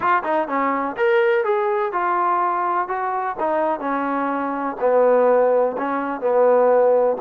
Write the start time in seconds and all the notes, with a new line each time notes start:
0.00 F4
0.23 D#4
0.48 C#4
0.96 A#4
1.44 G#4
1.92 F4
2.88 F#4
3.39 D#4
3.80 C#4
4.80 B3
5.77 C#4
6.20 B3